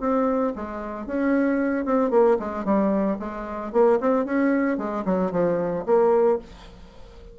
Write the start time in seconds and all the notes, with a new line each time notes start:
0.00 C4
0.56 G#3
1.06 C#4
1.85 C4
2.10 A#3
2.39 G#3
2.65 G3
3.19 G#3
3.72 A#3
4.00 C4
4.25 C#4
4.77 G#3
5.05 F#3
5.31 F3
5.86 A#3